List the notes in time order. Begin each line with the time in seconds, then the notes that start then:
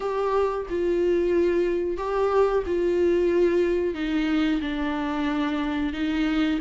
0.00 G4
0.69 F4
1.97 G4
2.66 F4
3.94 D#4
4.61 D4
5.93 D#4